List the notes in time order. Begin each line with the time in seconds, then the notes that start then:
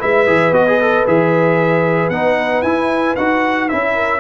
0.00 G#3 E4 B4 E5
0.27 E3 G#4
0.52 B3 F#4 D#5
0.68 G#4
0.81 A4
1.07 E3 G#4 E5
2.10 B3 D#4 F#5
2.63 E4 G#5
3.16 D#4 F#4 F#5
3.69 C#4 E4 E5
3.95 A#4